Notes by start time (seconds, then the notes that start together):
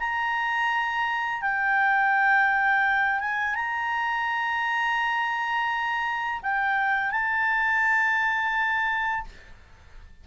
0.00 A#5
1.42 G5
3.20 G#5
3.56 A#5
6.43 G5
7.11 A5